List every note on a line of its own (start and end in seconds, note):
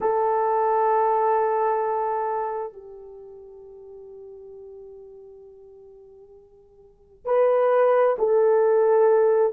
0.00 2.73 A4
2.73 7.25 G4
7.25 8.16 B4
8.18 9.52 A4